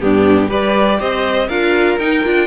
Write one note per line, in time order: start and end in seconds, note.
0.00 0.50 G2
0.00 0.49 B3
0.00 0.48 D4
0.00 0.51 G4
0.48 0.99 G3
0.48 1.48 G4
0.48 0.98 B4
0.48 1.00 D5
0.99 1.48 C4
0.99 1.47 C5
0.99 1.48 D#5
1.47 1.98 D4
1.47 1.99 F4
1.47 2.47 A#4
1.47 1.98 F5
1.98 2.23 D#4
1.98 2.24 D#4
1.98 2.47 G5
2.24 2.47 D4
2.24 2.47 F4